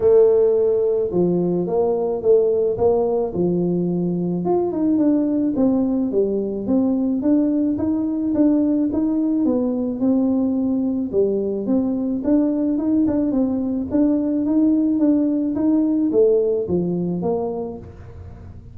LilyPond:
\new Staff \with { instrumentName = "tuba" } { \time 4/4 \tempo 4 = 108 a2 f4 ais4 | a4 ais4 f2 | f'8 dis'8 d'4 c'4 g4 | c'4 d'4 dis'4 d'4 |
dis'4 b4 c'2 | g4 c'4 d'4 dis'8 d'8 | c'4 d'4 dis'4 d'4 | dis'4 a4 f4 ais4 | }